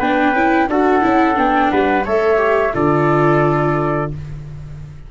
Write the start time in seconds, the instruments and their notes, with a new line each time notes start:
0.00 tuba B3, viola D4, trumpet B4, flute G5
0.34 tuba C#4, viola E4
0.69 tuba D4, viola F#4, trumpet A4, flute F#5
1.02 tuba C#4, viola E4
1.35 tuba B3, viola D4, flute G5
1.71 tuba G3, trumpet B4, flute F#5
2.05 tuba A3, viola A4, trumpet C#5, flute E5
2.37 viola G4
2.74 tuba D3, viola F4, trumpet A4, flute D5